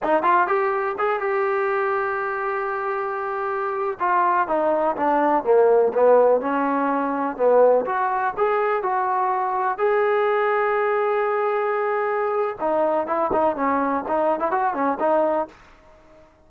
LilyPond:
\new Staff \with { instrumentName = "trombone" } { \time 4/4 \tempo 4 = 124 dis'8 f'8 g'4 gis'8 g'4.~ | g'1~ | g'16 f'4 dis'4 d'4 ais8.~ | ais16 b4 cis'2 b8.~ |
b16 fis'4 gis'4 fis'4.~ fis'16~ | fis'16 gis'2.~ gis'8.~ | gis'2 dis'4 e'8 dis'8 | cis'4 dis'8. e'16 fis'8 cis'8 dis'4 | }